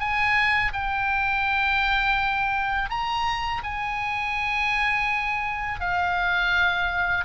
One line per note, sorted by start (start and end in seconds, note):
0.00 0.72 G#5
0.73 2.90 G5
2.90 3.62 A#5
3.64 5.80 G#5
5.80 7.25 F5